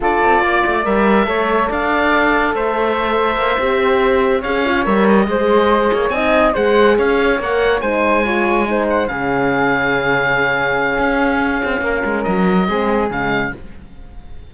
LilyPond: <<
  \new Staff \with { instrumentName = "oboe" } { \time 4/4 \tempo 4 = 142 d''2 e''2 | f''2 e''2~ | e''2~ e''8 f''4 e''8 | dis''2~ dis''8 gis''4 fis''8~ |
fis''8 f''4 fis''4 gis''4.~ | gis''4 fis''8 f''2~ f''8~ | f''1~ | f''4 dis''2 f''4 | }
  \new Staff \with { instrumentName = "flute" } { \time 4/4 a'4 d''2 cis''4 | d''2 c''2~ | c''2~ c''8 cis''4.~ | cis''8 c''4. cis''8 dis''4 c''8~ |
c''8 cis''2 c''4 cis''8~ | cis''8 c''4 gis'2~ gis'8~ | gis'1 | ais'2 gis'2 | }
  \new Staff \with { instrumentName = "horn" } { \time 4/4 f'2 ais'4 a'4~ | a'1~ | a'8 g'2 gis'8 f'8 ais'8~ | ais'8 gis'2 dis'4 gis'8~ |
gis'4. ais'4 dis'4 f'8~ | f'8 dis'4 cis'2~ cis'8~ | cis'1~ | cis'2 c'4 gis4 | }
  \new Staff \with { instrumentName = "cello" } { \time 4/4 d'8 c'8 ais8 a8 g4 a4 | d'2 a2 | ais8 c'2 cis'4 g8~ | g8 gis4. ais8 c'4 gis8~ |
gis8 cis'4 ais4 gis4.~ | gis4. cis2~ cis8~ | cis2 cis'4. c'8 | ais8 gis8 fis4 gis4 cis4 | }
>>